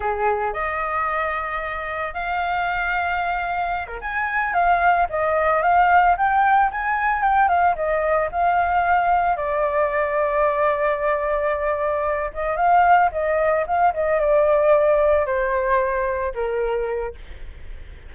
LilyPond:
\new Staff \with { instrumentName = "flute" } { \time 4/4 \tempo 4 = 112 gis'4 dis''2. | f''2.~ f''16 ais'16 gis''8~ | gis''8 f''4 dis''4 f''4 g''8~ | g''8 gis''4 g''8 f''8 dis''4 f''8~ |
f''4. d''2~ d''8~ | d''2. dis''8 f''8~ | f''8 dis''4 f''8 dis''8 d''4.~ | d''8 c''2 ais'4. | }